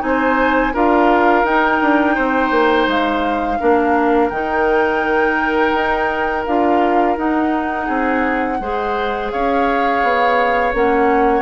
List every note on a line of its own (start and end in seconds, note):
0.00 0.74 C4
0.00 0.71 D#4
0.00 0.74 G#5
0.07 0.74 C5
0.74 1.44 D4
0.74 1.46 F4
0.74 2.15 A#4
0.74 1.45 F5
1.44 1.80 D#4
1.44 3.60 D#4
1.44 2.88 G5
1.82 2.17 D4
2.15 2.51 C4
2.15 3.58 C5
2.51 2.87 A#3
2.87 3.58 G#3
2.87 4.29 F5
3.60 4.31 A#3
3.60 4.31 D4
3.60 7.86 A#4
4.29 5.74 D#3
4.29 6.47 D#4
4.29 6.43 G5
5.74 6.46 D#4
6.46 7.17 D4
6.46 7.17 F4
6.46 7.17 F5
7.17 8.60 D#4
7.17 7.89 D#4
7.17 9.30 F#5
7.86 8.60 C4
7.86 8.57 G#4
8.60 9.31 G#3
8.60 10.74 G#4
8.60 9.32 C5
9.30 10.03 C#4
9.30 11.42 C#5
9.30 10.73 F5
10.03 10.74 B3
10.74 11.42 A#3
10.74 11.42 C#4
10.74 11.42 F#5